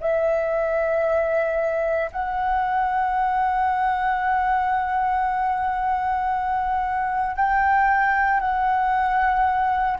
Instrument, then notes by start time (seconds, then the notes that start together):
flute
0.00 E5
2.11 F#5
7.36 G5
8.40 F#5